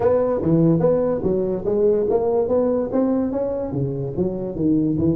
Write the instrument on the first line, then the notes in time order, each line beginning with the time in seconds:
tuba
0.00 B3
0.41 E3
0.79 B3
1.22 F#3
1.65 G#3
2.09 A#3
2.48 B3
2.92 C4
3.31 C#4
3.71 C#3
4.17 F#3
4.55 D#3
4.97 E3